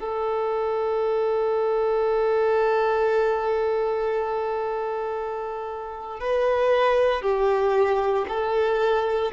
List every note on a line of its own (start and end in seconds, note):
0.00 6.20 A4
6.20 7.22 B4
7.22 8.26 G4
8.29 9.32 A4